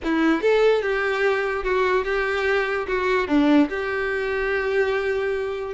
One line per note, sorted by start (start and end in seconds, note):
0.03 0.41 E4
0.41 0.82 A4
0.82 1.63 G4
1.63 2.04 F#4
2.04 2.86 G4
2.87 3.27 F#4
3.27 3.68 D4
3.69 5.73 G4